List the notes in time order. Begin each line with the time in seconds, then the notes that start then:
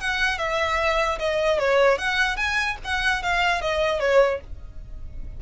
0.00 F#5
0.38 E5
1.19 D#5
1.59 C#5
1.98 F#5
2.36 G#5
2.84 F#5
3.23 F5
3.61 D#5
4.00 C#5